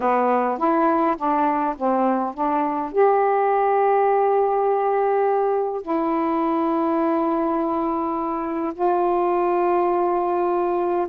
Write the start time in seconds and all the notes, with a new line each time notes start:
0.00 B3
0.57 E4
1.17 D4
1.77 C4
2.34 D4
2.92 G4
5.81 E4
8.74 F4